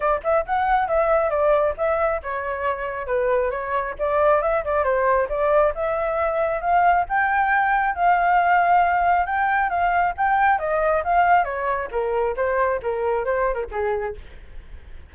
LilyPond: \new Staff \with { instrumentName = "flute" } { \time 4/4 \tempo 4 = 136 d''8 e''8 fis''4 e''4 d''4 | e''4 cis''2 b'4 | cis''4 d''4 e''8 d''8 c''4 | d''4 e''2 f''4 |
g''2 f''2~ | f''4 g''4 f''4 g''4 | dis''4 f''4 cis''4 ais'4 | c''4 ais'4 c''8. ais'16 gis'4 | }